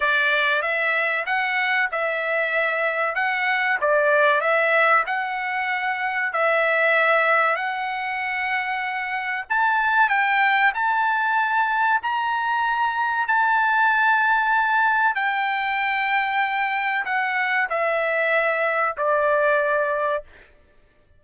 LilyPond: \new Staff \with { instrumentName = "trumpet" } { \time 4/4 \tempo 4 = 95 d''4 e''4 fis''4 e''4~ | e''4 fis''4 d''4 e''4 | fis''2 e''2 | fis''2. a''4 |
g''4 a''2 ais''4~ | ais''4 a''2. | g''2. fis''4 | e''2 d''2 | }